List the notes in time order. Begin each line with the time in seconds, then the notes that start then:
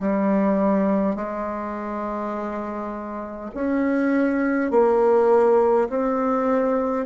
0.00 G3
1.16 G#3
3.54 C#4
4.71 A#3
5.89 C4